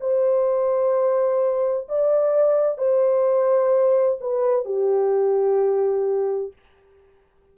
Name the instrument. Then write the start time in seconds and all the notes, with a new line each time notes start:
horn
0.00 C5
1.88 D5
2.77 C5
4.20 B4
4.65 G4